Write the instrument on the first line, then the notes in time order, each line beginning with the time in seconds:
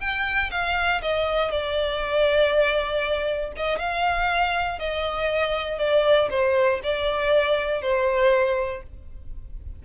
violin
0.00 G5
0.51 F5
1.01 D#5
1.51 D5
3.56 D#5
3.78 F5
4.79 D#5
5.78 D5
6.30 C5
6.83 D5
7.82 C5